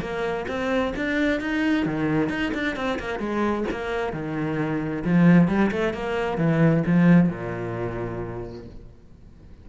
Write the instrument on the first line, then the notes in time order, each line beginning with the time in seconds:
cello
0.00 A#3
0.48 C4
0.96 D4
1.40 D#4
1.85 D#3
2.29 D#4
2.54 D4
2.76 C4
2.99 A#3
3.19 G#3
3.71 A#3
4.12 D#3
5.04 F3
5.48 G3
5.71 A3
5.94 A#3
6.37 E3
6.86 F3
7.29 A#2